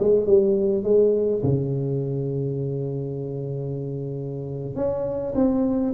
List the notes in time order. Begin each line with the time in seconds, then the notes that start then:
0.00 G#3
0.26 G3
0.84 G#3
1.43 C#3
4.76 C#4
5.35 C4